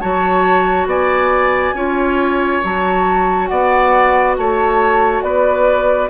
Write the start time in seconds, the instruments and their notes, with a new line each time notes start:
0.00 bassoon F#3, clarinet F#4, oboe C#5, flute A5
0.86 bassoon B3, oboe D5, flute G#5
1.74 bassoon C#4, clarinet F4, oboe C#5
2.64 bassoon F#3, clarinet F#4, flute A5
3.47 bassoon B3, oboe D5, flute F#5
4.38 bassoon A3, oboe C#5, flute A5
5.22 bassoon B3, oboe B4, flute D5